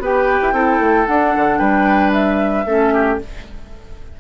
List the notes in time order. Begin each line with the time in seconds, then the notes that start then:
0.00 B3 G4 B4 G5
0.42 E4
0.53 C4 E4 A4
0.80 A3
1.06 D4 F#5
1.36 D3
1.59 G3 B4 G5
2.13 E5
2.66 A3 C#4 A4
2.94 G4